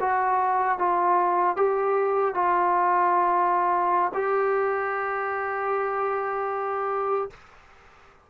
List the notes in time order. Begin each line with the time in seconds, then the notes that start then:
0.00 F#4
0.78 F4
1.56 G4
2.34 F4
4.14 G4